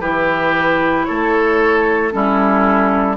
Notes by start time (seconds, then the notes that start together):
0.00 E3 E4 G4 B4
1.05 A3 A4 C#5
2.11 G3 C#4 E4 A4